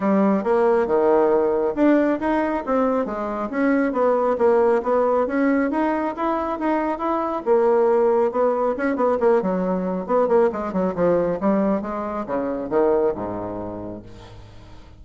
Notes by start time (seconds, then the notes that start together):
0.00 G3
0.43 A#3
0.86 D#3
1.75 D4
2.19 D#4
2.66 C4
3.05 G#3
3.49 C#4
3.92 B3
4.38 A#3
4.83 B3
5.27 C#4
5.71 D#4
6.16 E4
6.59 D#4
6.98 E4
7.45 A#3
8.31 B3
8.77 C#4
8.95 B3
9.20 A#3
9.42 F#3
10.06 B3
10.28 A#3
10.52 G#3
10.72 F#3
10.95 F3
11.40 G3
11.81 G#3
12.26 C#3
12.69 D#3
13.14 G#2